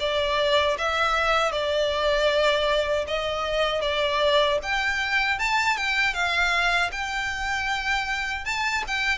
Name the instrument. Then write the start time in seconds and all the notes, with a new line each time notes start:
violin
0.00 D5
0.78 E5
1.52 D5
3.07 D#5
3.81 D5
4.63 G5
5.39 A5
5.77 G5
6.14 F5
6.92 G5
8.45 A5
8.87 G5